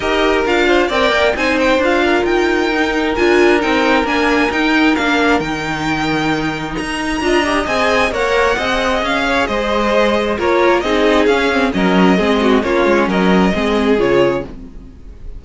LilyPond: <<
  \new Staff \with { instrumentName = "violin" } { \time 4/4 \tempo 4 = 133 dis''4 f''4 g''4 gis''8 g''8 | f''4 g''2 gis''4 | g''4 gis''4 g''4 f''4 | g''2. ais''4~ |
ais''4 gis''4 fis''2 | f''4 dis''2 cis''4 | dis''4 f''4 dis''2 | cis''4 dis''2 cis''4 | }
  \new Staff \with { instrumentName = "violin" } { \time 4/4 ais'4. c''8 d''4 c''4~ | c''8 ais'2.~ ais'8~ | ais'1~ | ais'1 |
dis''2 cis''4 dis''4~ | dis''8 cis''8 c''2 ais'4 | gis'2 ais'4 gis'8 fis'8 | f'4 ais'4 gis'2 | }
  \new Staff \with { instrumentName = "viola" } { \time 4/4 g'4 f'4 ais'4 dis'4 | f'2 dis'4 f'4 | dis'4 d'4 dis'4 d'4 | dis'1 |
f'8 g'8 gis'4 ais'4 gis'4~ | gis'2. f'4 | dis'4 cis'8 c'8 cis'4 c'4 | cis'2 c'4 f'4 | }
  \new Staff \with { instrumentName = "cello" } { \time 4/4 dis'4 d'4 c'8 ais8 c'4 | d'4 dis'2 d'4 | c'4 ais4 dis'4 ais4 | dis2. dis'4 |
d'4 c'4 ais4 c'4 | cis'4 gis2 ais4 | c'4 cis'4 fis4 gis4 | ais8 gis8 fis4 gis4 cis4 | }
>>